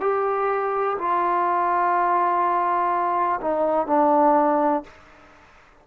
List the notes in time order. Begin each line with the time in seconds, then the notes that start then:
0.00 G4
0.98 F4
3.40 D#4
3.87 D4